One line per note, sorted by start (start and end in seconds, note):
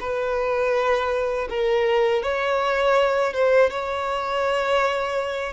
0.00 1.48 B4
1.49 2.23 A#4
2.23 3.34 C#5
3.34 3.70 C5
3.70 5.53 C#5